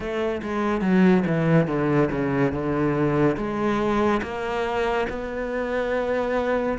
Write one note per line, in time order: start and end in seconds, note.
0.00 0.41 A3
0.42 0.81 G#3
0.81 1.23 F#3
1.27 1.67 E3
1.67 2.09 D3
2.11 2.52 C#3
2.52 3.36 D3
3.36 4.21 G#3
4.22 5.07 A#3
5.09 6.78 B3